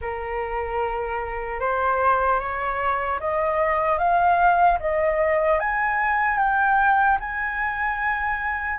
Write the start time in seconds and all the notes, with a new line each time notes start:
0.01 A#4
1.60 C5
2.39 C#5
3.20 D#5
3.98 F5
4.79 D#5
5.59 G#5
6.38 G5
7.20 G#5